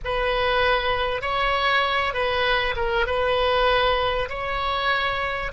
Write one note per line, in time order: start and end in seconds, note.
0.04 1.21 B4
1.21 2.13 C#5
2.13 2.74 B4
2.76 3.06 A#4
3.06 4.28 B4
4.29 5.51 C#5